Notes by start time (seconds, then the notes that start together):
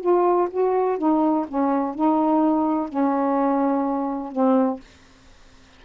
0.00 F4
0.50 F#4
0.98 D#4
1.47 C#4
1.94 D#4
2.88 C#4
4.31 C4